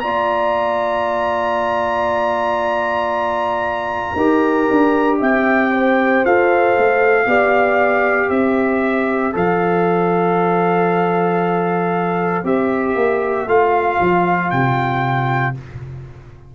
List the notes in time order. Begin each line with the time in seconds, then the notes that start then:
0.00 A#3 F4 D5 A#5
4.16 D#4 G4 A#4
4.70 D4
5.19 C4 E5 G5
5.71 C5
6.25 F4 A4 F5
6.78 A3
7.26 B3 G4 D5
8.29 C4 C5 E5
9.33 F3 A4 F5
12.44 C4 G4 E5
12.95 A#3
13.46 A3 F4 F5
14.00 F3
14.50 C3 G5